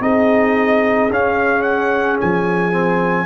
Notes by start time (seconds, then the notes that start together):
0.00 C4 D#4 G#4 D#5
1.10 C#4 F5
1.62 F#5
2.20 F3 G#5
2.72 C4